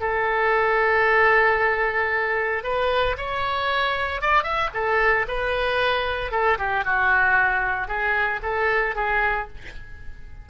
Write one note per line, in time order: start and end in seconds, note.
0.00 2.63 A4
2.63 3.16 B4
3.17 4.21 C#5
4.21 4.43 D5
4.43 4.69 E5
4.73 5.26 A4
5.28 6.31 B4
6.31 6.58 A4
6.58 6.84 G4
6.84 7.87 F#4
7.87 8.40 G#4
8.42 8.95 A4
8.95 9.48 G#4